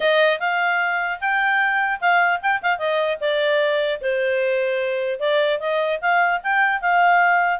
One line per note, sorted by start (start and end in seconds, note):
0.00 0.39 D#5
0.39 1.19 F5
1.20 2.00 G5
2.01 2.41 F5
2.42 2.62 G5
2.62 2.78 F5
2.78 3.18 D#5
3.20 4.00 D5
4.01 5.19 C5
5.19 5.59 D5
5.59 5.99 D#5
6.01 6.41 F5
6.43 6.81 G5
6.81 7.59 F5